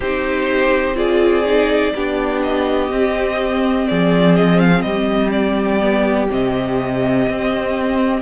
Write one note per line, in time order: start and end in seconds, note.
0.00 1.92 C4
0.00 0.95 D#4
0.00 0.96 G4
0.00 0.96 C5
0.95 1.43 F4
0.95 1.93 G#4
0.95 2.41 D5
1.45 1.94 D#4
1.94 2.91 B3
1.94 2.90 D4
1.94 3.87 G4
2.43 3.87 D#5
2.90 5.80 C4
2.90 3.88 C4
3.87 4.83 F3
3.87 4.85 G#4
3.87 4.35 D5
4.35 4.59 D#5
4.59 4.81 F5
4.81 6.28 G3
4.81 8.21 G4
4.81 5.30 D#5
5.31 6.27 D5
5.80 6.28 B3
6.29 7.27 C3
6.29 8.21 C4
6.29 8.21 D#5
7.28 8.21 C4